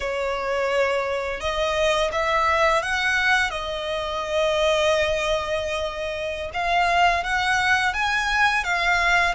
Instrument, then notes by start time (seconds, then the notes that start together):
violin
0.00 C#5
1.40 D#5
2.12 E5
2.82 F#5
3.50 D#5
6.53 F5
7.24 F#5
7.93 G#5
8.64 F5